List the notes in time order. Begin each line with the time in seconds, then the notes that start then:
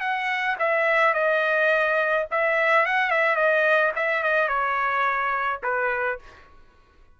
0.00 F#5
0.59 E5
1.13 D#5
2.31 E5
2.85 F#5
3.10 E5
3.36 D#5
3.96 E5
4.23 D#5
4.48 C#5
5.63 B4